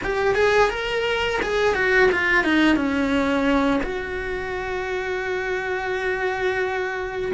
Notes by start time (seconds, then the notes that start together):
0.03 G4
0.35 G#4
0.70 A#4
1.42 G#4
1.74 F#4
2.11 F4
2.44 D#4
2.76 C#4
3.83 F#4